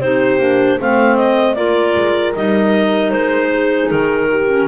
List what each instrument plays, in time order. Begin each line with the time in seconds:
0.00 double bass C4, clarinet D#4 C5, horn G4
0.39 double bass A#3, clarinet D4
0.79 double bass A3, clarinet C4 F5, horn C5
1.16 clarinet D#5
1.55 double bass A#3, clarinet F4 D5, horn A#4
1.95 double bass G#3
2.35 double bass G3, clarinet D#4 D#5
3.11 double bass G#3, clarinet C5
3.51 horn G#4
3.90 double bass D#3, clarinet A#4
4.30 horn G4
4.48 clarinet C#4